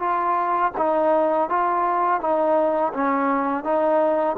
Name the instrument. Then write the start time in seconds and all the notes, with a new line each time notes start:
trombone
0.00 F4
0.78 D#4
1.50 F4
2.21 D#4
2.94 C#4
3.64 D#4